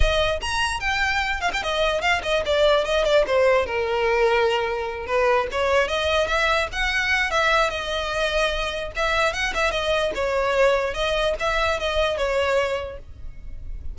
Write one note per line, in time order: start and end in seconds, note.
0.00 0.40 D#5
0.41 0.80 A#5
0.80 1.41 G5
1.41 1.51 F5
1.53 1.62 G5
1.62 2.01 D#5
2.01 2.21 F5
2.22 2.43 D#5
2.45 2.85 D5
2.85 3.04 D#5
3.04 3.24 D5
3.26 3.66 C5
3.66 5.06 A#4
5.06 5.47 B4
5.51 5.87 C#5
5.87 6.27 D#5
6.27 6.67 E5
6.72 7.30 F#5
7.30 7.70 E5
7.70 8.91 D#5
8.96 9.33 E5
9.33 9.53 F#5
9.54 9.71 E5
9.71 10.11 D#5
10.14 10.93 C#5
10.93 11.34 D#5
11.39 11.79 E5
11.79 12.17 D#5
12.17 12.98 C#5